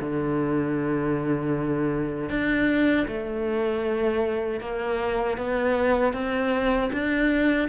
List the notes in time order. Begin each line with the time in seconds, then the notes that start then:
0.00 D3
2.29 D4
3.08 A3
4.60 A#3
5.37 B3
6.13 C4
6.92 D4